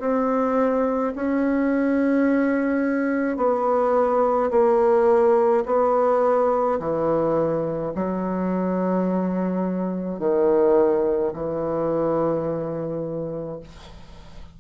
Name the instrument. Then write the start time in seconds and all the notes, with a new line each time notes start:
bassoon
0.00 C4
1.16 C#4
3.37 B3
4.51 A#3
5.66 B3
6.80 E3
7.96 F#3
10.19 D#3
11.34 E3